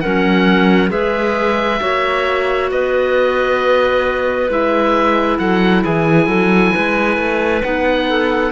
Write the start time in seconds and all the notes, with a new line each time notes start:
0.00 C#4 A#4 F#5
0.06 F#3
0.89 G#3 G#4 B4 E5
1.79 A#3 F#4 C#5
2.71 B3 B4 D#5
4.49 G#3 E4 E5
5.38 F#3 A4 F#5
5.83 E3 G#4 G#5
6.27 F#3 A4
6.74 G#3 B4
7.17 A3
7.63 B3 D#4 F#5
8.09 A4